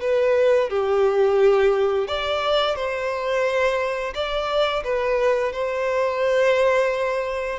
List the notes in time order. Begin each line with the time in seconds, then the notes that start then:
0.00 B4
0.69 G4
2.07 D5
2.75 C5
4.14 D5
4.84 B4
5.52 C5